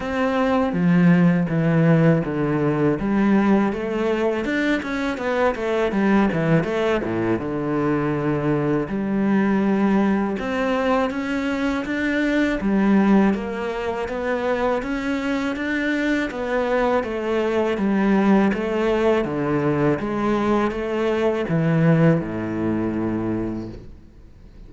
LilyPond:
\new Staff \with { instrumentName = "cello" } { \time 4/4 \tempo 4 = 81 c'4 f4 e4 d4 | g4 a4 d'8 cis'8 b8 a8 | g8 e8 a8 a,8 d2 | g2 c'4 cis'4 |
d'4 g4 ais4 b4 | cis'4 d'4 b4 a4 | g4 a4 d4 gis4 | a4 e4 a,2 | }